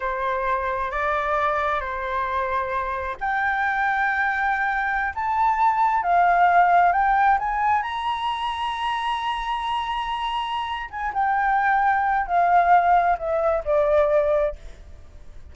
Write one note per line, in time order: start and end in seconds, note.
0.00 0.91 C5
0.91 1.80 D5
1.80 3.16 C5
3.20 5.13 G5
5.15 6.02 A5
6.02 6.92 F5
6.92 7.38 G5
7.38 7.82 G#5
7.82 10.89 A#5
10.90 11.13 G#5
11.13 12.26 G5
12.26 13.17 F5
13.18 13.63 E5
13.64 14.55 D5